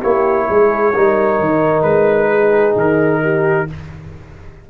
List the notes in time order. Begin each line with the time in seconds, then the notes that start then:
0.00 A#3 E4 G4 C#5
0.49 G#3 G#4
0.95 G3 D#4 A#4
1.40 D#3
1.83 G#3 B4
2.31 G#4
2.76 D#3 A#4
3.23 G4